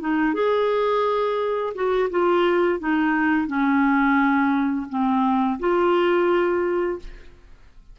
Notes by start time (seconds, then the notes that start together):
0.00 D#4
0.33 G#4
1.74 F#4
2.10 F4
2.79 D#4
3.47 C#4
4.89 C4
5.59 F4